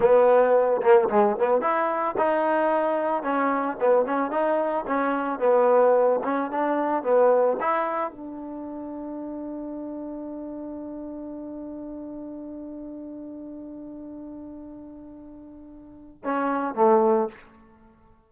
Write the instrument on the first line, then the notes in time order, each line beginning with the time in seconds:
trombone
0.00 B3
0.81 A#3
1.09 G#3
1.39 B3
1.61 E4
2.17 D#4
3.22 C#4
3.80 B3
4.05 C#4
4.30 D#4
4.87 C#4
5.39 B3
6.23 C#4
6.50 D4
7.03 B3
7.60 E4
8.10 D4
16.24 C#4
16.74 A3